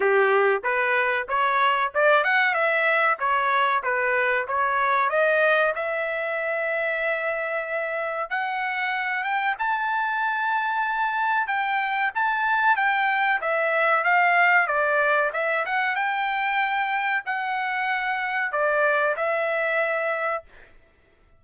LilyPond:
\new Staff \with { instrumentName = "trumpet" } { \time 4/4 \tempo 4 = 94 g'4 b'4 cis''4 d''8 fis''8 | e''4 cis''4 b'4 cis''4 | dis''4 e''2.~ | e''4 fis''4. g''8 a''4~ |
a''2 g''4 a''4 | g''4 e''4 f''4 d''4 | e''8 fis''8 g''2 fis''4~ | fis''4 d''4 e''2 | }